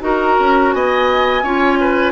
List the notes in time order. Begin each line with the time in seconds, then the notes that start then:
0.00 D#4 F#4 A#4 A#5
0.39 C#4
0.72 B3 D#5 G#5
1.42 C#4 F4 C#5
1.80 B4